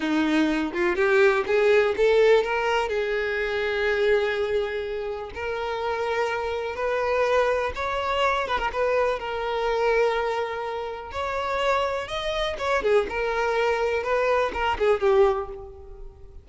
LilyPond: \new Staff \with { instrumentName = "violin" } { \time 4/4 \tempo 4 = 124 dis'4. f'8 g'4 gis'4 | a'4 ais'4 gis'2~ | gis'2. ais'4~ | ais'2 b'2 |
cis''4. b'16 ais'16 b'4 ais'4~ | ais'2. cis''4~ | cis''4 dis''4 cis''8 gis'8 ais'4~ | ais'4 b'4 ais'8 gis'8 g'4 | }